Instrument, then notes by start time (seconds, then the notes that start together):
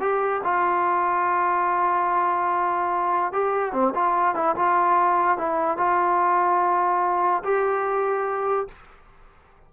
trombone
0.00 G4
0.44 F4
3.33 G4
3.72 C4
3.94 F4
4.35 E4
4.56 F4
5.38 E4
5.77 F4
7.44 G4